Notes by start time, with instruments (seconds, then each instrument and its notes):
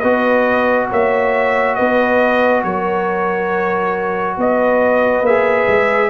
0.00 tuba B3, trombone F#4, horn B4, trumpet D#5
0.90 tuba A#3, horn C#5, trumpet E5
1.75 tuba B3, horn B4, trumpet D#5
2.64 tuba F#3, horn A#4, trumpet C#5
4.37 tuba B3, horn B4, trumpet D#5
5.22 tuba A#3, trombone G#4, trumpet E5
5.68 tuba G#3